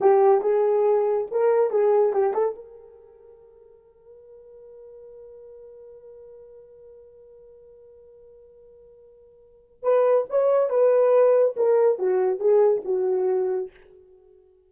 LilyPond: \new Staff \with { instrumentName = "horn" } { \time 4/4 \tempo 4 = 140 g'4 gis'2 ais'4 | gis'4 g'8 a'8 ais'2~ | ais'1~ | ais'1~ |
ais'1~ | ais'2. b'4 | cis''4 b'2 ais'4 | fis'4 gis'4 fis'2 | }